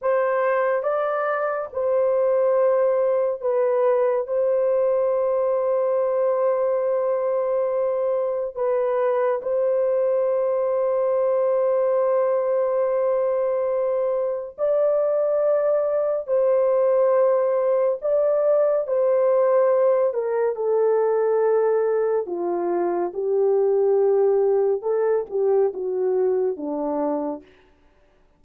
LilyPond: \new Staff \with { instrumentName = "horn" } { \time 4/4 \tempo 4 = 70 c''4 d''4 c''2 | b'4 c''2.~ | c''2 b'4 c''4~ | c''1~ |
c''4 d''2 c''4~ | c''4 d''4 c''4. ais'8 | a'2 f'4 g'4~ | g'4 a'8 g'8 fis'4 d'4 | }